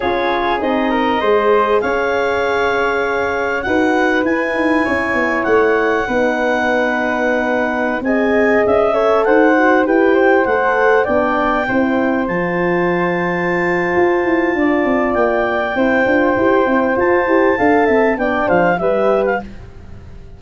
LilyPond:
<<
  \new Staff \with { instrumentName = "clarinet" } { \time 4/4 \tempo 4 = 99 cis''4 dis''2 f''4~ | f''2 fis''4 gis''4~ | gis''4 fis''2.~ | fis''4~ fis''16 gis''4 e''4 fis''8.~ |
fis''16 g''4 fis''4 g''4.~ g''16~ | g''16 a''2.~ a''8.~ | a''4 g''2. | a''2 g''8 f''8 e''8. f''16 | }
  \new Staff \with { instrumentName = "flute" } { \time 4/4 gis'4. ais'8 c''4 cis''4~ | cis''2 b'2 | cis''2 b'2~ | b'4~ b'16 dis''4. cis''8 c''8.~ |
c''16 b'8 c''4. d''4 c''8.~ | c''1 | d''2 c''2~ | c''4 f''8 e''8 d''8 c''8 b'4 | }
  \new Staff \with { instrumentName = "horn" } { \time 4/4 f'4 dis'4 gis'2~ | gis'2 fis'4 e'4~ | e'2 dis'2~ | dis'4~ dis'16 gis'4. a'4 fis'16~ |
fis'16 g'4 a'4 d'4 e'8.~ | e'16 f'2.~ f'8.~ | f'2 e'8 f'8 g'8 e'8 | f'8 g'8 a'4 d'4 g'4 | }
  \new Staff \with { instrumentName = "tuba" } { \time 4/4 cis'4 c'4 gis4 cis'4~ | cis'2 dis'4 e'8 dis'8 | cis'8 b8 a4 b2~ | b4~ b16 c'4 cis'4 dis'8.~ |
dis'16 e'4 a4 b4 c'8.~ | c'16 f2~ f8. f'8 e'8 | d'8 c'8 ais4 c'8 d'8 e'8 c'8 | f'8 e'8 d'8 c'8 b8 f8 g4 | }
>>